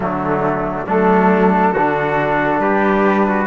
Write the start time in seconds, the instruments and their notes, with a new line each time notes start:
0.00 cello D3, trombone F#3, trumpet A3, flute D4
0.87 cello F#3, trombone A3, trumpet D4, flute A4
1.73 cello D3, trombone D4, trumpet F#4
2.59 cello G3, trumpet G4, flute B4
3.27 trumpet F#4